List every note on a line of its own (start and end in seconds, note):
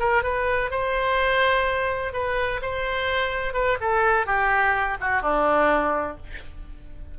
0.00 0.23 A#4
0.23 0.71 B4
0.71 2.14 C5
2.14 2.61 B4
2.62 3.54 C5
3.54 3.78 B4
3.81 4.27 A4
4.27 4.98 G4
5.01 5.23 F#4
5.23 6.18 D4